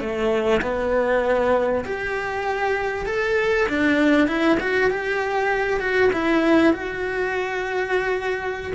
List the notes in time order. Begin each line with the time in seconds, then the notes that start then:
0.00 A3
0.62 B3
1.85 G4
3.06 A4
3.69 D4
4.27 E4
4.60 F#4
4.90 G4
5.80 F#4
6.13 E4
6.73 F#4